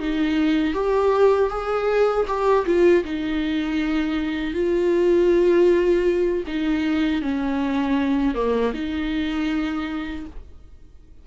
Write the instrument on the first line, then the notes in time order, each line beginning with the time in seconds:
viola
0.00 D#4
0.74 G4
1.50 G#4
2.28 G4
2.66 F4
3.04 D#4
4.54 F4
6.47 D#4
7.22 C#4
8.35 A#3
8.74 D#4